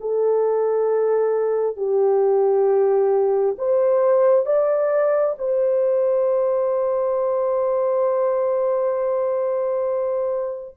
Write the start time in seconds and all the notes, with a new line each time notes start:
0.00 A4
1.76 G4
3.58 C5
4.46 D5
5.38 C5